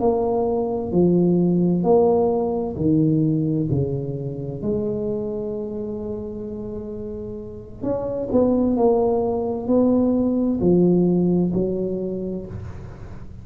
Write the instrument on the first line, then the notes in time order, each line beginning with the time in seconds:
tuba
0.00 A#3
0.92 F3
1.84 A#3
2.77 D#3
3.71 C#3
4.63 G#3
7.83 C#4
8.32 B3
8.77 A#3
9.68 B3
10.61 F3
11.54 F#3